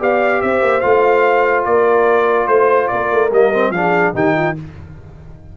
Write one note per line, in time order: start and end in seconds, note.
0.00 0.43 B3
0.00 0.82 G4
0.00 0.42 D5
0.00 0.42 F5
0.42 0.62 C4
0.42 1.69 C5
0.42 0.81 E5
0.62 0.83 A#3
0.81 1.66 A3
0.81 3.30 F4
0.81 1.64 F5
1.66 2.48 A#3
1.66 2.49 A#4
1.66 2.48 D5
2.48 2.89 A3
2.48 2.88 C5
2.48 2.90 C5
2.88 3.12 A#3
2.88 3.73 A#4
2.88 3.29 D5
3.12 3.32 A3
3.32 3.71 G3
3.32 3.53 A#3
3.32 3.72 D#5
3.53 3.74 C4
3.71 4.12 F3
3.71 4.15 D4
3.71 4.14 G#4
3.71 4.13 F5
4.14 4.56 D#3
4.14 4.56 D#4
4.14 4.35 G4
4.14 4.58 G5
4.36 4.56 F4